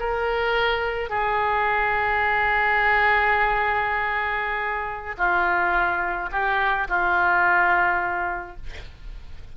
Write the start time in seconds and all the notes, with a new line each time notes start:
0.00 A#4
1.10 G#4
5.18 F4
6.32 G4
6.88 F4